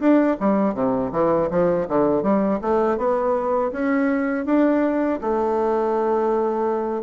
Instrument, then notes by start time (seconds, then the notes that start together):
bassoon
0.00 D4
0.40 G3
0.74 C3
1.12 E3
1.51 F3
1.89 D3
2.23 G3
2.62 A3
2.98 B3
3.72 C#4
4.46 D4
5.21 A3